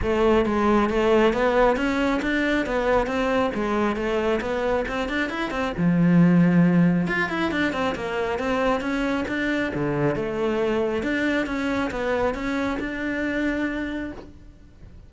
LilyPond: \new Staff \with { instrumentName = "cello" } { \time 4/4 \tempo 4 = 136 a4 gis4 a4 b4 | cis'4 d'4 b4 c'4 | gis4 a4 b4 c'8 d'8 | e'8 c'8 f2. |
f'8 e'8 d'8 c'8 ais4 c'4 | cis'4 d'4 d4 a4~ | a4 d'4 cis'4 b4 | cis'4 d'2. | }